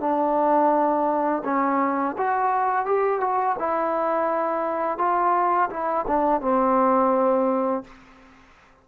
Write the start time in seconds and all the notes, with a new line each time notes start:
0.00 D4
1.44 C#4
2.18 F#4
2.85 G4
3.20 F#4
3.59 E4
4.98 F4
5.70 E4
6.07 D4
6.41 C4